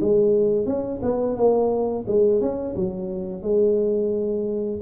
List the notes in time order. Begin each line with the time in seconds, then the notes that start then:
0.00 G#3
0.66 C#4
1.02 B3
1.36 A#3
2.07 G#3
2.41 C#4
2.76 F#3
3.42 G#3